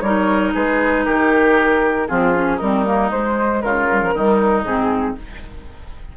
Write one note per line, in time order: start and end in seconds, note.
0.00 0.52 G3
0.00 2.08 D#4
0.00 0.53 A#4
0.00 0.51 C#5
0.53 1.07 G#3
0.53 1.05 G#4
0.53 1.05 B4
1.05 2.09 D#3
1.05 2.07 G4
1.05 2.07 A#4
2.07 2.61 F3
2.07 2.34 C4
2.07 2.56 F4
2.07 2.58 G#4
2.34 2.59 C#4
2.56 3.12 G3
2.56 2.85 C4
2.56 3.58 D#4
2.56 3.10 A#4
2.85 3.09 A#3
3.09 3.86 G#3
3.09 3.63 G#3
3.09 3.61 C5
3.61 4.14 C#3
3.61 4.14 F4
3.61 4.64 A#4
3.91 4.00 G3
4.00 4.13 F3
4.14 4.63 D#3
4.14 4.65 G3
4.14 5.17 D#4
4.63 5.14 G#2
4.63 5.17 C4
4.63 5.15 G#4